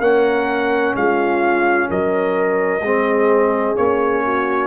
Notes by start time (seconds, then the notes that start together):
0.00 A#3 C#4 A#4 F#5
0.95 G#3 F4 F5
1.89 F#3 A#4 D#5
2.81 G#3 C4 G#4
3.76 A#3 C#4 C#5
4.24 F#4